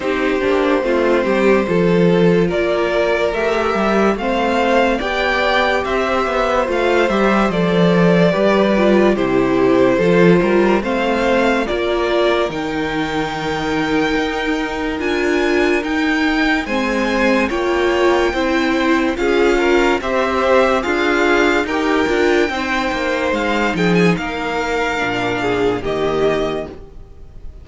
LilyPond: <<
  \new Staff \with { instrumentName = "violin" } { \time 4/4 \tempo 4 = 72 c''2. d''4 | e''4 f''4 g''4 e''4 | f''8 e''8 d''2 c''4~ | c''4 f''4 d''4 g''4~ |
g''2 gis''4 g''4 | gis''4 g''2 f''4 | e''4 f''4 g''2 | f''8 g''16 gis''16 f''2 dis''4 | }
  \new Staff \with { instrumentName = "violin" } { \time 4/4 g'4 f'8 g'8 a'4 ais'4~ | ais'4 c''4 d''4 c''4~ | c''2 b'4 g'4 | a'8 ais'8 c''4 ais'2~ |
ais'1 | c''4 cis''4 c''4 gis'8 ais'8 | c''4 f'4 ais'4 c''4~ | c''8 gis'8 ais'4. gis'8 g'4 | }
  \new Staff \with { instrumentName = "viola" } { \time 4/4 dis'8 d'8 c'4 f'2 | g'4 c'4 g'2 | f'8 g'8 a'4 g'8 f'8 e'4 | f'4 c'4 f'4 dis'4~ |
dis'2 f'4 dis'4 | c'4 f'4 e'4 f'4 | g'4 gis'4 g'8 f'8 dis'4~ | dis'2 d'4 ais4 | }
  \new Staff \with { instrumentName = "cello" } { \time 4/4 c'8 ais8 a8 g8 f4 ais4 | a8 g8 a4 b4 c'8 b8 | a8 g8 f4 g4 c4 | f8 g8 a4 ais4 dis4~ |
dis4 dis'4 d'4 dis'4 | gis4 ais4 c'4 cis'4 | c'4 d'4 dis'8 d'8 c'8 ais8 | gis8 f8 ais4 ais,4 dis4 | }
>>